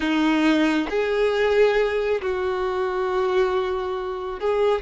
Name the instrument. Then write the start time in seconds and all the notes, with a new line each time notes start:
violin
0.00 D#4
0.89 G#4
2.21 F#4
4.40 G#4